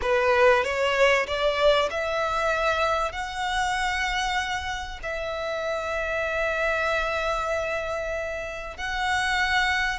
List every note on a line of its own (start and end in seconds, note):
0.01 0.64 B4
0.64 1.26 C#5
1.26 1.89 D5
1.90 3.12 E5
3.12 4.99 F#5
5.03 8.77 E5
8.77 9.99 F#5